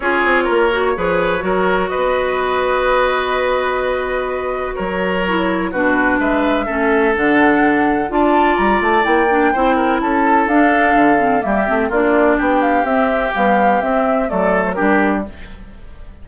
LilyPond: <<
  \new Staff \with { instrumentName = "flute" } { \time 4/4 \tempo 4 = 126 cis''1 | dis''1~ | dis''2 cis''2 | b'4 e''2 fis''4~ |
fis''4 a''4 ais''8 a''8 g''4~ | g''4 a''4 f''2 | e''4 d''4 g''8 f''8 e''4 | f''4 e''4 d''8. c''16 ais'4 | }
  \new Staff \with { instrumentName = "oboe" } { \time 4/4 gis'4 ais'4 b'4 ais'4 | b'1~ | b'2 ais'2 | fis'4 b'4 a'2~ |
a'4 d''2. | c''8 ais'8 a'2. | g'4 f'4 g'2~ | g'2 a'4 g'4 | }
  \new Staff \with { instrumentName = "clarinet" } { \time 4/4 f'4. fis'8 gis'4 fis'4~ | fis'1~ | fis'2. e'4 | d'2 cis'4 d'4~ |
d'4 f'2 e'8 d'8 | e'2 d'4. c'8 | ais8 c'8 d'2 c'4 | g4 c'4 a4 d'4 | }
  \new Staff \with { instrumentName = "bassoon" } { \time 4/4 cis'8 c'8 ais4 f4 fis4 | b1~ | b2 fis2 | b,4 gis4 a4 d4~ |
d4 d'4 g8 a8 ais4 | c'4 cis'4 d'4 d4 | g8 a8 ais4 b4 c'4 | b4 c'4 fis4 g4 | }
>>